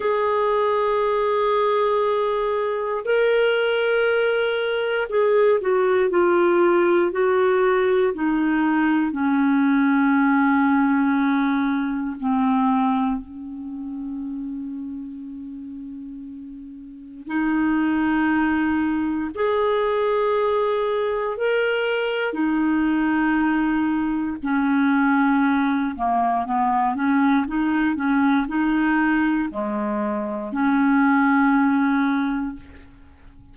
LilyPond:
\new Staff \with { instrumentName = "clarinet" } { \time 4/4 \tempo 4 = 59 gis'2. ais'4~ | ais'4 gis'8 fis'8 f'4 fis'4 | dis'4 cis'2. | c'4 cis'2.~ |
cis'4 dis'2 gis'4~ | gis'4 ais'4 dis'2 | cis'4. ais8 b8 cis'8 dis'8 cis'8 | dis'4 gis4 cis'2 | }